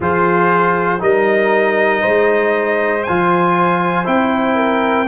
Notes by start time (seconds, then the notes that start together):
0.00 F3 F4 G#4 C5
0.99 G3 D#4 A#4 D#5
2.01 G#3 C5
3.03 F3 F4 G#5
4.04 C4 E4 G5
4.55 A#4